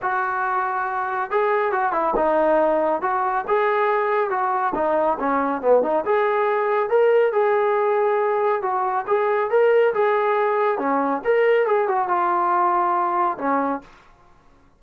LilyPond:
\new Staff \with { instrumentName = "trombone" } { \time 4/4 \tempo 4 = 139 fis'2. gis'4 | fis'8 e'8 dis'2 fis'4 | gis'2 fis'4 dis'4 | cis'4 b8 dis'8 gis'2 |
ais'4 gis'2. | fis'4 gis'4 ais'4 gis'4~ | gis'4 cis'4 ais'4 gis'8 fis'8 | f'2. cis'4 | }